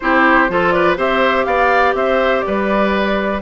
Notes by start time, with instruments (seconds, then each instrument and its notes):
0.00 bassoon C4, clarinet E4, oboe G4, flute C5
0.49 bassoon F3, clarinet F4, oboe A4
0.70 oboe B4, flute D5
0.96 bassoon C4, clarinet G4, oboe C5, flute E5
1.44 bassoon B3, oboe D5, flute F5
1.94 bassoon C4, oboe C5, flute E5
2.40 oboe B4, flute D5
2.47 bassoon G3